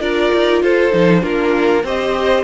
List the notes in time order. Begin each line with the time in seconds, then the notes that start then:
0.00 D4 F4 A#4 D5
0.34 D#4
0.62 F4 A4 C5
0.92 F3 D#4
1.20 A#3 D4 F4 A#4
1.83 C4 G4 C5 D#5